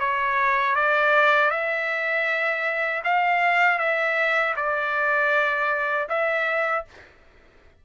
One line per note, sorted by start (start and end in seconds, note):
0.00 0.76 C#5
0.76 1.51 D5
1.51 3.03 E5
3.04 3.79 F5
3.79 4.55 E5
4.57 6.09 D5
6.09 6.85 E5